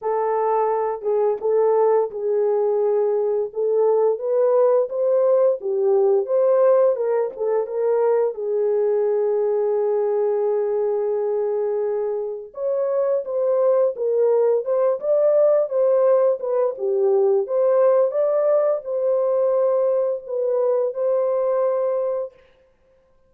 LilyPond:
\new Staff \with { instrumentName = "horn" } { \time 4/4 \tempo 4 = 86 a'4. gis'8 a'4 gis'4~ | gis'4 a'4 b'4 c''4 | g'4 c''4 ais'8 a'8 ais'4 | gis'1~ |
gis'2 cis''4 c''4 | ais'4 c''8 d''4 c''4 b'8 | g'4 c''4 d''4 c''4~ | c''4 b'4 c''2 | }